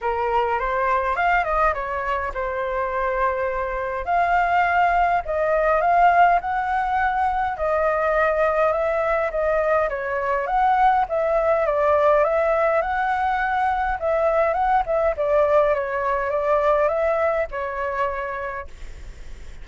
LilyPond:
\new Staff \with { instrumentName = "flute" } { \time 4/4 \tempo 4 = 103 ais'4 c''4 f''8 dis''8 cis''4 | c''2. f''4~ | f''4 dis''4 f''4 fis''4~ | fis''4 dis''2 e''4 |
dis''4 cis''4 fis''4 e''4 | d''4 e''4 fis''2 | e''4 fis''8 e''8 d''4 cis''4 | d''4 e''4 cis''2 | }